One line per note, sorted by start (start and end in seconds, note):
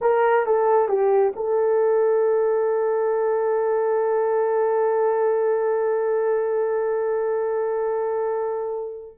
0.01 0.46 A#4
0.46 0.88 A4
0.88 1.33 G4
1.36 9.18 A4